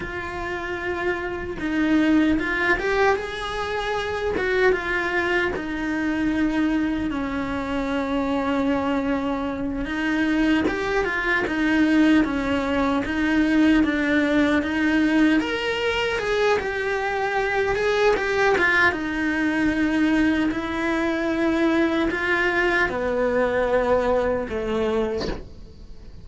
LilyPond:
\new Staff \with { instrumentName = "cello" } { \time 4/4 \tempo 4 = 76 f'2 dis'4 f'8 g'8 | gis'4. fis'8 f'4 dis'4~ | dis'4 cis'2.~ | cis'8 dis'4 g'8 f'8 dis'4 cis'8~ |
cis'8 dis'4 d'4 dis'4 ais'8~ | ais'8 gis'8 g'4. gis'8 g'8 f'8 | dis'2 e'2 | f'4 b2 a4 | }